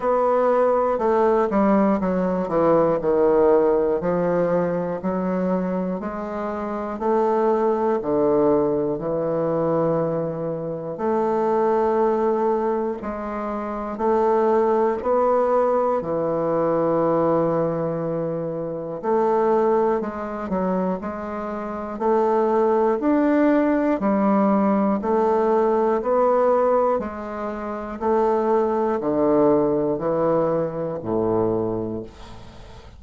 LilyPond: \new Staff \with { instrumentName = "bassoon" } { \time 4/4 \tempo 4 = 60 b4 a8 g8 fis8 e8 dis4 | f4 fis4 gis4 a4 | d4 e2 a4~ | a4 gis4 a4 b4 |
e2. a4 | gis8 fis8 gis4 a4 d'4 | g4 a4 b4 gis4 | a4 d4 e4 a,4 | }